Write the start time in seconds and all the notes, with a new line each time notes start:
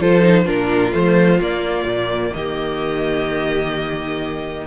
0.00 F3 F4 A4 C5
0.21 D#4
0.45 A#2 D4 F4 A#4
0.92 F3 A3 C5
1.40 A#3 D5
1.85 A#2
2.34 D#3 G4 D#5